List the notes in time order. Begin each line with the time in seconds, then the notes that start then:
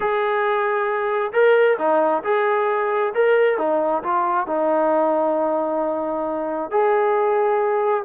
0.00 G#4
1.32 A#4
1.78 D#4
2.23 G#4
3.14 A#4
3.58 D#4
4.03 F4
4.46 D#4
6.70 G#4